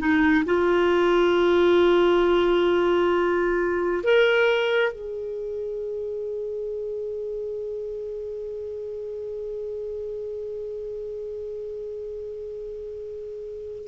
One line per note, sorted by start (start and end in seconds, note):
0.00 0.45 D#4
0.46 4.04 F4
4.04 4.93 A#4
4.93 13.88 G#4